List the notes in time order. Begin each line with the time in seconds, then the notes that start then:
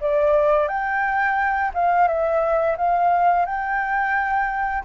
0.00 D5
0.68 G5
1.74 F5
2.07 E5
2.77 F5
3.45 G5